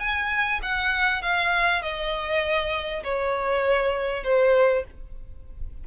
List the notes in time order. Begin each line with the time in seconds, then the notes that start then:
0.00 G#5
0.63 F#5
1.23 F5
1.82 D#5
3.04 C#5
4.24 C5